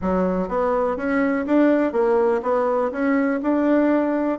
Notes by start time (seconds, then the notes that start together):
0.01 F#3
0.48 B3
0.96 C#4
1.46 D4
1.92 A#3
2.42 B3
2.91 C#4
3.42 D4